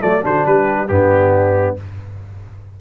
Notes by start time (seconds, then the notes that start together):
0.00 F#3 A3 D5
0.22 D3 D4 F#4 C5
0.46 G3 G4 B4
0.88 G2 B3 D4 G4